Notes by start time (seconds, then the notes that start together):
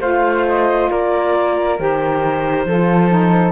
0.00 A3 F4 C5 F5
0.48 D#5
0.91 A#3 A#4 D5
1.78 D#3 G4 C5
2.66 F3 F4 A4
3.10 D#4